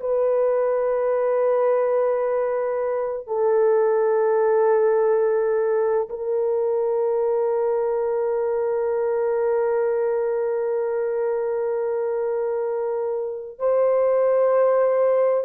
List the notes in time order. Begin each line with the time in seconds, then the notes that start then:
0.00 B4
3.28 A4
6.09 A#4
13.59 C5